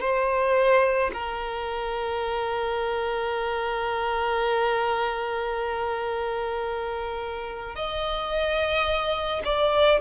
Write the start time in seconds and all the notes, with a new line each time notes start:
0.00 C5
1.13 A#4
7.75 D#5
9.44 D5